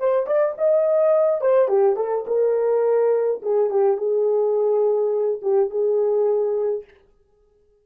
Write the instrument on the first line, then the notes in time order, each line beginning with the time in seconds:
horn
0.00 C5
0.27 D5
0.58 D#5
1.42 C5
1.69 G4
1.97 A4
2.27 A#4
3.43 G#4
3.71 G4
3.98 G#4
5.42 G4
5.70 G#4